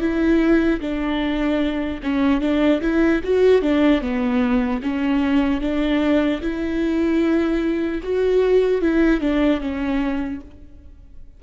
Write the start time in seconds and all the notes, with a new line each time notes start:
0.00 E4
0.80 D4
2.03 C#4
2.41 D4
2.81 E4
3.24 F#4
3.61 D4
4.01 B3
4.83 C#4
5.61 D4
6.41 E4
8.03 F#4
8.81 E4
9.20 D4
9.60 C#4